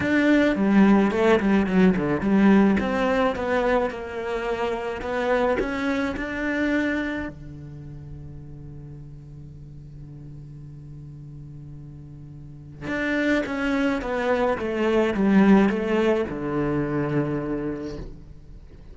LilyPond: \new Staff \with { instrumentName = "cello" } { \time 4/4 \tempo 4 = 107 d'4 g4 a8 g8 fis8 d8 | g4 c'4 b4 ais4~ | ais4 b4 cis'4 d'4~ | d'4 d2.~ |
d1~ | d2. d'4 | cis'4 b4 a4 g4 | a4 d2. | }